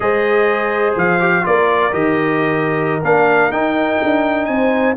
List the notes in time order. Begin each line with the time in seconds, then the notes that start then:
0.00 G#3 G#4 C5 D#5
0.96 F3 F5
1.20 G4
1.42 A#3 F4 A#4 D5
1.91 D#3 G4 D#5
3.03 A#3 D4 F5
3.51 D#4 G5
4.02 D4
4.45 C4 G#5
4.51 C5